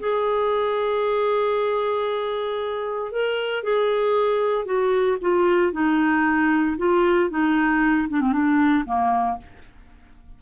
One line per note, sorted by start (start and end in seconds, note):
0.00 3.12 G#4
3.12 3.64 A#4
3.64 4.65 G#4
4.65 5.17 F#4
5.21 5.73 F4
5.73 6.77 D#4
6.78 7.30 F4
7.30 8.08 D#4
8.09 8.21 D4
8.21 8.32 C4
8.32 8.85 D4
8.86 9.38 A#3